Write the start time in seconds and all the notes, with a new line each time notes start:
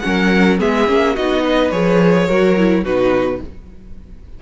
0.00 F#3 C#4 A#4 F#5
0.59 G#3 B3 G#4 E5
0.87 A#3 C#4
1.15 B3 D#4 F#4 D#5
1.44 B4
1.71 F3 G#4 C#5
2.27 F#3 F#4 A#4
2.57 E4
2.84 B2 D#4 F#4 B4